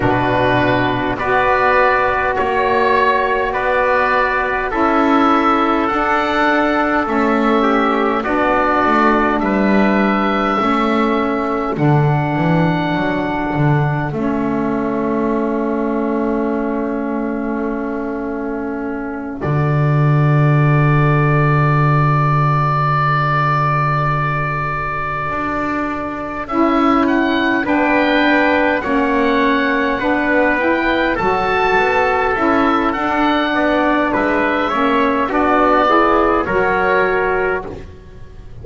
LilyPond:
<<
  \new Staff \with { instrumentName = "oboe" } { \time 4/4 \tempo 4 = 51 b'4 d''4 cis''4 d''4 | e''4 fis''4 e''4 d''4 | e''2 fis''2 | e''1~ |
e''8 d''2.~ d''8~ | d''2~ d''8 e''8 fis''8 g''8~ | g''8 fis''4. g''8 a''4 e''8 | fis''4 e''4 d''4 cis''4 | }
  \new Staff \with { instrumentName = "trumpet" } { \time 4/4 fis'4 b'4 cis''4 b'4 | a'2~ a'8 g'8 fis'4 | b'4 a'2.~ | a'1~ |
a'1~ | a'2.~ a'8 b'8~ | b'8 cis''4 b'4 a'4.~ | a'8 d''8 b'8 cis''8 fis'8 gis'8 ais'4 | }
  \new Staff \with { instrumentName = "saxophone" } { \time 4/4 d'4 fis'2. | e'4 d'4 cis'4 d'4~ | d'4 cis'4 d'2 | cis'1~ |
cis'8 fis'2.~ fis'8~ | fis'2~ fis'8 e'4 d'8~ | d'8 cis'4 d'8 e'8 fis'4 e'8 | d'4. cis'8 d'8 e'8 fis'4 | }
  \new Staff \with { instrumentName = "double bass" } { \time 4/4 b,4 b4 ais4 b4 | cis'4 d'4 a4 b8 a8 | g4 a4 d8 e8 fis8 d8 | a1~ |
a8 d2.~ d8~ | d4. d'4 cis'4 b8~ | b8 ais4 b4 fis8 b8 cis'8 | d'8 b8 gis8 ais8 b4 fis4 | }
>>